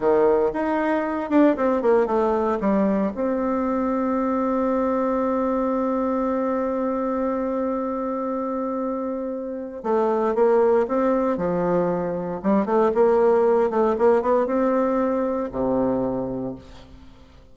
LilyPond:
\new Staff \with { instrumentName = "bassoon" } { \time 4/4 \tempo 4 = 116 dis4 dis'4. d'8 c'8 ais8 | a4 g4 c'2~ | c'1~ | c'1~ |
c'2. a4 | ais4 c'4 f2 | g8 a8 ais4. a8 ais8 b8 | c'2 c2 | }